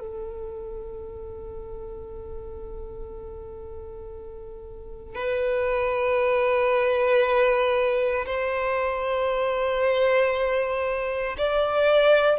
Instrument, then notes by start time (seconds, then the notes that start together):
violin
0.00 A4
5.15 B4
8.26 C5
11.38 D5